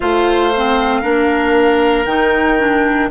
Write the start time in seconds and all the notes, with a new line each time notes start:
0.00 A3 F4 C5 F5
0.56 C4
1.01 A#3 D4 A#4
2.05 D#3 D#4 G5
2.58 D4